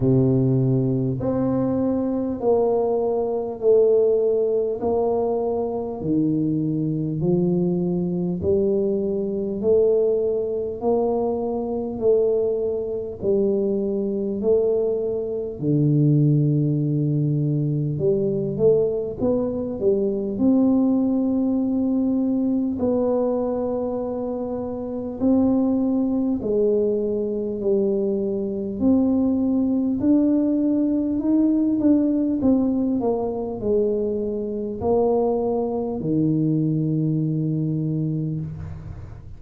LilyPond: \new Staff \with { instrumentName = "tuba" } { \time 4/4 \tempo 4 = 50 c4 c'4 ais4 a4 | ais4 dis4 f4 g4 | a4 ais4 a4 g4 | a4 d2 g8 a8 |
b8 g8 c'2 b4~ | b4 c'4 gis4 g4 | c'4 d'4 dis'8 d'8 c'8 ais8 | gis4 ais4 dis2 | }